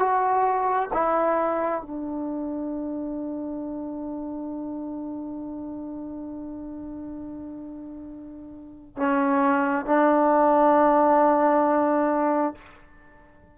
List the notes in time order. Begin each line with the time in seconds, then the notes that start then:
0.00 F#4
0.94 E4
1.82 D4
8.98 C#4
9.86 D4